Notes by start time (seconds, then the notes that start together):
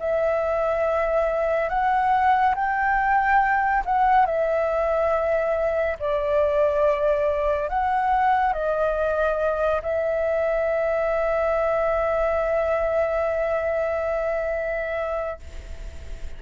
0.00 E5
1.69 F#5
2.55 G5
3.86 F#5
4.26 E5
6.00 D5
7.69 F#5
8.53 D#5
9.83 E5